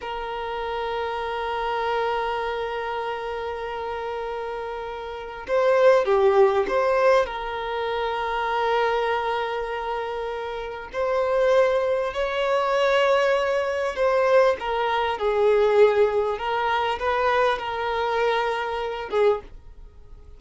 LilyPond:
\new Staff \with { instrumentName = "violin" } { \time 4/4 \tempo 4 = 99 ais'1~ | ais'1~ | ais'4 c''4 g'4 c''4 | ais'1~ |
ais'2 c''2 | cis''2. c''4 | ais'4 gis'2 ais'4 | b'4 ais'2~ ais'8 gis'8 | }